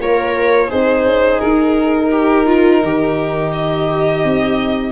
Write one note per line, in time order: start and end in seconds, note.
0.00 0.71 A#3
0.00 0.70 F4
0.00 0.68 A#4
0.00 0.71 C#5
0.68 1.05 C4
0.68 4.92 D#4
0.68 2.09 G#4
0.68 1.40 C5
1.05 1.40 C#4
1.40 2.83 D#4
1.40 3.51 A#4
2.12 2.46 G4
2.46 2.82 F4
2.83 4.24 D#3
2.83 4.92 G4
3.52 4.92 D#5
4.24 4.92 C4